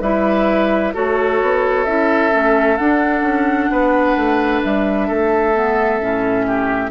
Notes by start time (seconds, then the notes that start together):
0.00 G3 E4 B4 E5
0.93 A3 F#4 A4 C#5
1.41 B3
1.84 C#4 E4 E5
2.31 A3 C#4
2.76 D4 F#5
3.21 C#4
3.71 B3 B4
4.16 A3
4.63 G3 E5
5.07 A3 A4
5.53 B3
5.99 A2 C#4
6.47 G4